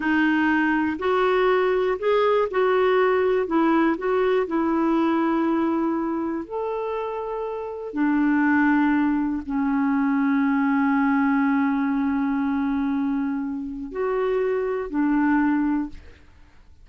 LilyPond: \new Staff \with { instrumentName = "clarinet" } { \time 4/4 \tempo 4 = 121 dis'2 fis'2 | gis'4 fis'2 e'4 | fis'4 e'2.~ | e'4 a'2. |
d'2. cis'4~ | cis'1~ | cis'1 | fis'2 d'2 | }